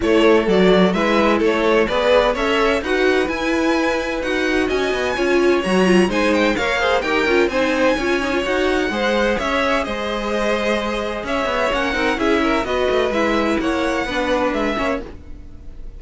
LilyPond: <<
  \new Staff \with { instrumentName = "violin" } { \time 4/4 \tempo 4 = 128 cis''4 d''4 e''4 cis''4 | b'4 e''4 fis''4 gis''4~ | gis''4 fis''4 gis''2 | ais''4 gis''8 g''8 f''4 g''4 |
gis''2 fis''2 | e''4 dis''2. | e''4 fis''4 e''4 dis''4 | e''4 fis''2 e''4 | }
  \new Staff \with { instrumentName = "violin" } { \time 4/4 a'2 b'4 a'4 | d''4 cis''4 b'2~ | b'2 dis''4 cis''4~ | cis''4 c''4 cis''8 c''8 ais'4 |
c''4 cis''2 c''4 | cis''4 c''2. | cis''4. ais'8 gis'8 ais'8 b'4~ | b'4 cis''4 b'4. cis''8 | }
  \new Staff \with { instrumentName = "viola" } { \time 4/4 e'4 fis'4 e'2 | gis'4 a'4 fis'4 e'4~ | e'4 fis'2 f'4 | fis'8 f'8 dis'4 ais'8 gis'8 g'8 f'8 |
dis'4 f'8 dis'16 f'16 fis'4 gis'4~ | gis'1~ | gis'4 cis'8 dis'8 e'4 fis'4 | e'2 d'4. cis'8 | }
  \new Staff \with { instrumentName = "cello" } { \time 4/4 a4 fis4 gis4 a4 | b4 cis'4 dis'4 e'4~ | e'4 dis'4 cis'8 b8 cis'4 | fis4 gis4 ais4 dis'8 cis'8 |
c'4 cis'4 dis'4 gis4 | cis'4 gis2. | cis'8 b8 ais8 c'8 cis'4 b8 a8 | gis4 ais4 b4 gis8 ais8 | }
>>